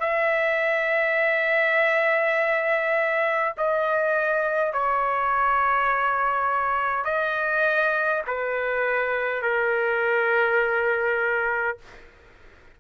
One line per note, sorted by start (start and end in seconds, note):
0.00 3.53 E5
3.58 4.73 D#5
4.73 7.04 C#5
7.04 8.22 D#5
8.27 9.42 B4
9.42 11.78 A#4